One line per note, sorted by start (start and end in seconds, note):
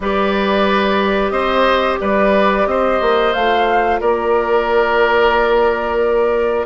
0.00 1.30 G3
0.00 3.34 G4
0.00 1.32 B4
0.00 1.30 D5
1.30 1.97 C4
1.30 1.99 C5
1.30 1.96 D#5
2.00 2.66 G3
2.00 2.67 B4
2.00 2.66 D5
2.66 2.99 C4
2.66 4.00 C5
2.66 3.33 D#5
3.01 3.34 A#3
3.33 4.01 A3
3.33 6.65 F4
3.33 3.99 F5
4.00 6.65 A#3
4.00 6.65 A#4
4.00 6.65 D5